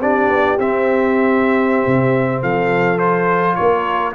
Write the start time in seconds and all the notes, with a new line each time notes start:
0.00 C4 D4 G4 D5
0.29 B3
0.58 C4 E5
1.87 C3
2.42 F3 A4 F5
2.98 F4 C5
3.56 A#3 A#4 C#5